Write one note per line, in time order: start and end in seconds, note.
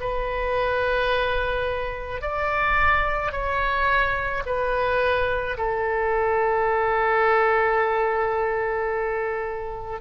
0.00 2.21 B4
2.21 3.31 D5
3.31 4.42 C#5
4.45 5.57 B4
5.57 10.01 A4